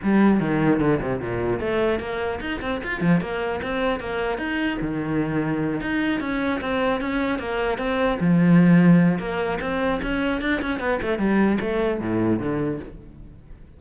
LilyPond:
\new Staff \with { instrumentName = "cello" } { \time 4/4 \tempo 4 = 150 g4 dis4 d8 c8 ais,4 | a4 ais4 dis'8 c'8 f'8 f8 | ais4 c'4 ais4 dis'4 | dis2~ dis8 dis'4 cis'8~ |
cis'8 c'4 cis'4 ais4 c'8~ | c'8 f2~ f8 ais4 | c'4 cis'4 d'8 cis'8 b8 a8 | g4 a4 a,4 d4 | }